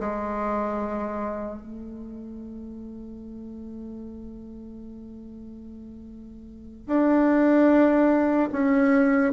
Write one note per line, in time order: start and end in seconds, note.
0.00 1.62 G#3
1.62 6.87 A3
6.87 8.49 D4
8.52 9.33 C#4